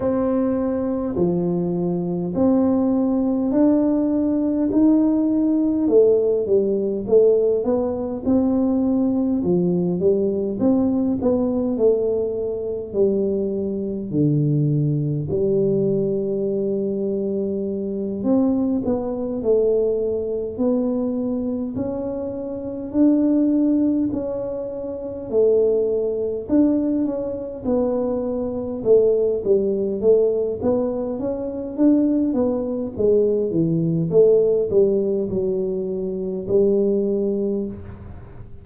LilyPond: \new Staff \with { instrumentName = "tuba" } { \time 4/4 \tempo 4 = 51 c'4 f4 c'4 d'4 | dis'4 a8 g8 a8 b8 c'4 | f8 g8 c'8 b8 a4 g4 | d4 g2~ g8 c'8 |
b8 a4 b4 cis'4 d'8~ | d'8 cis'4 a4 d'8 cis'8 b8~ | b8 a8 g8 a8 b8 cis'8 d'8 b8 | gis8 e8 a8 g8 fis4 g4 | }